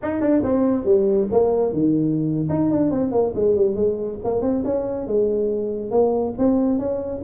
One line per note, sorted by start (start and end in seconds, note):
0.02 0.20 D#4
0.20 0.42 D4
0.43 0.84 C4
0.84 1.28 G3
1.31 1.72 A#3
1.72 2.48 D#3
2.49 2.70 D#4
2.70 2.90 D4
2.90 3.11 C4
3.11 3.33 A#3
3.35 3.55 G#3
3.55 3.75 G3
3.75 4.19 G#3
4.24 4.41 A#3
4.41 4.63 C4
4.64 5.07 C#4
5.07 5.90 G#3
5.90 6.33 A#3
6.38 6.79 C4
6.79 7.22 C#4